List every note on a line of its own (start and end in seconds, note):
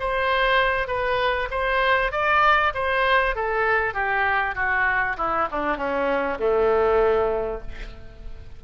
0.00 0.88 C5
0.88 1.49 B4
1.51 2.12 C5
2.12 2.73 D5
2.75 3.36 C5
3.36 3.94 A4
3.94 4.55 G4
4.55 5.17 F#4
5.17 5.48 E4
5.52 5.77 D4
5.77 6.38 C#4
6.40 7.62 A3